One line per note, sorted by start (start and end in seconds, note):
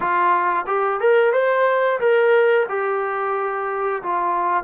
0.00 0.65 F4
0.67 1.00 G4
1.00 1.32 A#4
1.32 1.99 C5
1.99 2.66 A#4
2.68 4.02 G4
4.02 4.63 F4